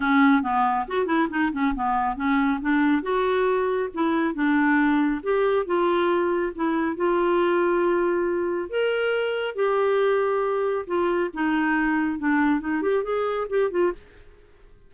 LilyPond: \new Staff \with { instrumentName = "clarinet" } { \time 4/4 \tempo 4 = 138 cis'4 b4 fis'8 e'8 dis'8 cis'8 | b4 cis'4 d'4 fis'4~ | fis'4 e'4 d'2 | g'4 f'2 e'4 |
f'1 | ais'2 g'2~ | g'4 f'4 dis'2 | d'4 dis'8 g'8 gis'4 g'8 f'8 | }